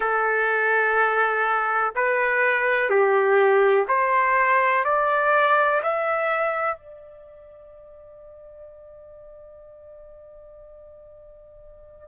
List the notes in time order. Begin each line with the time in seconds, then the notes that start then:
0.00 A4
1.95 B4
2.89 G4
3.88 C5
4.84 D5
5.82 E5
6.77 D5